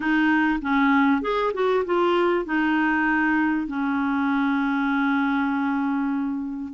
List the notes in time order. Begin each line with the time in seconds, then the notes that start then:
0.00 D#4
0.61 C#4
1.21 G#4
1.53 F#4
1.85 F4
2.45 D#4
3.67 C#4